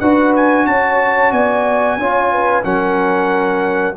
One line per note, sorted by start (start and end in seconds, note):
0.00 0.66 D4
0.00 2.00 F#4
0.00 0.67 B4
0.00 0.33 F#5
0.36 0.67 G#5
0.66 1.32 C#4
0.66 1.32 C#5
0.66 1.32 A5
1.32 1.97 B3
1.32 1.98 D5
1.32 2.64 G#5
1.97 2.63 C#4
1.97 2.63 F4
1.97 2.32 C#5
2.32 2.65 B4
2.63 3.97 F#3
2.63 3.95 C#4
2.63 3.97 A#4
2.63 3.96 F#5